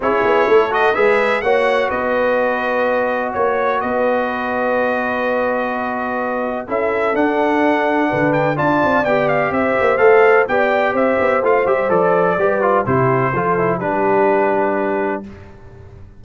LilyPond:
<<
  \new Staff \with { instrumentName = "trumpet" } { \time 4/4 \tempo 4 = 126 cis''4. dis''8 e''4 fis''4 | dis''2. cis''4 | dis''1~ | dis''2 e''4 fis''4~ |
fis''4. g''8 a''4 g''8 f''8 | e''4 f''4 g''4 e''4 | f''8 e''8 d''2 c''4~ | c''4 b'2. | }
  \new Staff \with { instrumentName = "horn" } { \time 4/4 gis'4 a'4 b'4 cis''4 | b'2. cis''4 | b'1~ | b'2 a'2~ |
a'4 b'4 d''2 | c''2 d''4 c''4~ | c''2 b'4 g'4 | a'4 g'2. | }
  \new Staff \with { instrumentName = "trombone" } { \time 4/4 e'4. fis'8 gis'4 fis'4~ | fis'1~ | fis'1~ | fis'2 e'4 d'4~ |
d'2 f'4 g'4~ | g'4 a'4 g'2 | f'8 g'8 a'4 g'8 f'8 e'4 | f'8 e'8 d'2. | }
  \new Staff \with { instrumentName = "tuba" } { \time 4/4 cis'8 b8 a4 gis4 ais4 | b2. ais4 | b1~ | b2 cis'4 d'4~ |
d'4 d4 d'8 c'8 b4 | c'8 ais8 a4 b4 c'8 b8 | a8 g8 f4 g4 c4 | f4 g2. | }
>>